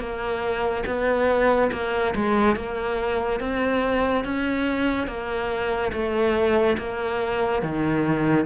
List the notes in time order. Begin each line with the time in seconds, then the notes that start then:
0.00 A#3
0.86 B3
1.72 A#3
2.15 G#3
2.56 A#3
3.40 C4
4.25 C#4
5.08 A#3
5.93 A3
6.78 A#3
7.63 D#3